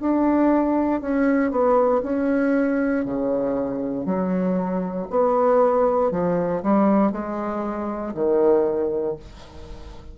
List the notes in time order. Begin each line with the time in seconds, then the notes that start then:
0.00 D4
1.00 C#4
1.51 B3
2.03 C#4
3.05 C#3
4.05 F#3
5.10 B3
6.11 F3
6.62 G3
7.11 G#3
8.14 D#3